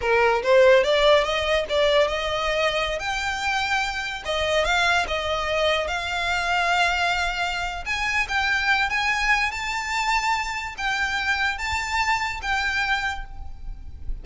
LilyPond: \new Staff \with { instrumentName = "violin" } { \time 4/4 \tempo 4 = 145 ais'4 c''4 d''4 dis''4 | d''4 dis''2~ dis''16 g''8.~ | g''2~ g''16 dis''4 f''8.~ | f''16 dis''2 f''4.~ f''16~ |
f''2. gis''4 | g''4. gis''4. a''4~ | a''2 g''2 | a''2 g''2 | }